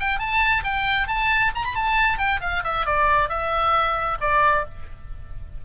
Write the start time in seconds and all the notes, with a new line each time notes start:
0.00 G5
0.19 A5
0.64 G5
1.08 A5
1.55 A#5
1.65 B5
1.75 A5
2.18 G5
2.41 F5
2.64 E5
2.86 D5
3.29 E5
4.21 D5